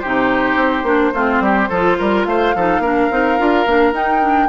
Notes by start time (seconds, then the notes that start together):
0.00 C3 D#4 G4 C5
0.56 C4
0.84 A#3 D4
1.14 A3 C4 F4
1.41 G3 G4
1.70 F3 F4 A4
1.99 G3 A#4
2.25 A3 C5 F5
2.56 F3 D#4 A4
2.80 A#3 D4 A#4
3.11 C4 D#4
3.39 D4 F4
3.66 A#3 D4
3.92 D#4 G5
4.22 D4